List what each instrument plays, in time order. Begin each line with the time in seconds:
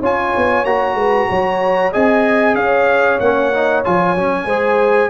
0.00 tuba C#4, trombone F4, horn C#5, trumpet G#5
0.37 tuba B3
0.65 tuba A#3, trombone F#4, trumpet A#5
0.95 tuba G#3, horn B4
1.30 tuba F#3, horn C#5
1.93 tuba C4, trombone G#4, horn D#5, trumpet G#5
2.55 tuba C#4, horn C#5, trumpet F5
3.20 tuba A#3, trombone C#4, trumpet F#5
3.54 trombone D#4
3.85 tuba F3, trombone F4, trumpet G#5
4.16 tuba F#3, trombone C#4
4.45 tuba G#3, trombone G#4, horn C5